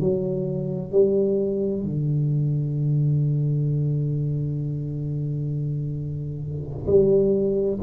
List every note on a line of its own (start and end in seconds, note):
0.00 0.91 F#3
0.91 1.83 G3
1.83 6.86 D3
6.86 7.79 G3